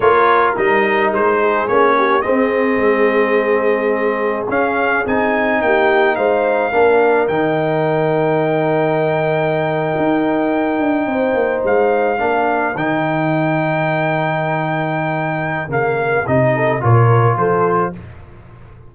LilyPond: <<
  \new Staff \with { instrumentName = "trumpet" } { \time 4/4 \tempo 4 = 107 cis''4 dis''4 c''4 cis''4 | dis''1 | f''4 gis''4 g''4 f''4~ | f''4 g''2.~ |
g''1~ | g''8. f''2 g''4~ g''16~ | g''1 | f''4 dis''4 cis''4 c''4 | }
  \new Staff \with { instrumentName = "horn" } { \time 4/4 ais'2~ ais'8 gis'4 g'8 | gis'1~ | gis'2 g'4 c''4 | ais'1~ |
ais'2.~ ais'8. c''16~ | c''4.~ c''16 ais'2~ ais'16~ | ais'1~ | ais'4. a'8 ais'4 a'4 | }
  \new Staff \with { instrumentName = "trombone" } { \time 4/4 f'4 dis'2 cis'4 | c'1 | cis'4 dis'2. | d'4 dis'2.~ |
dis'1~ | dis'4.~ dis'16 d'4 dis'4~ dis'16~ | dis'1 | ais4 dis'4 f'2 | }
  \new Staff \with { instrumentName = "tuba" } { \time 4/4 ais4 g4 gis4 ais4 | c'4 gis2. | cis'4 c'4 ais4 gis4 | ais4 dis2.~ |
dis4.~ dis16 dis'4. d'8 c'16~ | c'16 ais8 gis4 ais4 dis4~ dis16~ | dis1 | cis4 c4 ais,4 f4 | }
>>